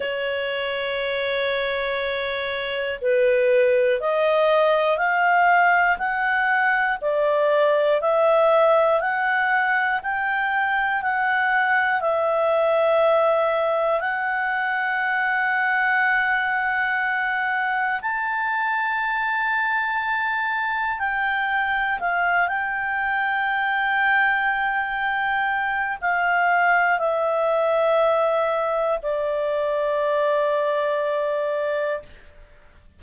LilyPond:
\new Staff \with { instrumentName = "clarinet" } { \time 4/4 \tempo 4 = 60 cis''2. b'4 | dis''4 f''4 fis''4 d''4 | e''4 fis''4 g''4 fis''4 | e''2 fis''2~ |
fis''2 a''2~ | a''4 g''4 f''8 g''4.~ | g''2 f''4 e''4~ | e''4 d''2. | }